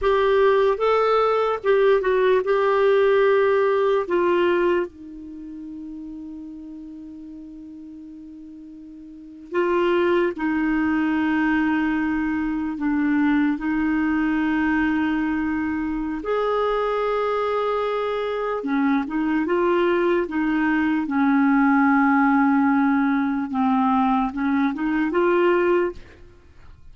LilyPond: \new Staff \with { instrumentName = "clarinet" } { \time 4/4 \tempo 4 = 74 g'4 a'4 g'8 fis'8 g'4~ | g'4 f'4 dis'2~ | dis'2.~ dis'8. f'16~ | f'8. dis'2. d'16~ |
d'8. dis'2.~ dis'16 | gis'2. cis'8 dis'8 | f'4 dis'4 cis'2~ | cis'4 c'4 cis'8 dis'8 f'4 | }